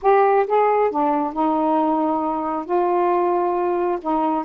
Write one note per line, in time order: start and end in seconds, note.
0.02 0.46 G4
0.46 0.90 G#4
0.90 1.33 D4
1.33 2.65 D#4
2.65 3.98 F4
4.01 4.44 D#4